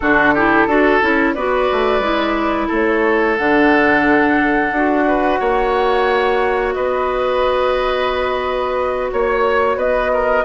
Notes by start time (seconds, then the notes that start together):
0.00 D3 D4 F#4 A4
0.34 E4 G4
0.66 D4 F#4 A4
1.01 C#4 E4
1.33 B3 F#4 B4 D5
1.72 A3
1.99 G#3 E4
2.67 A3 A4
2.73 C#5
3.36 D3 D4 F#5
4.71 D4 F#4
5.07 B4
5.39 A#3 C#5
6.73 B3 B4 D#5
9.12 A#3 C#5
9.75 B3 B4 D#5
10.13 A#4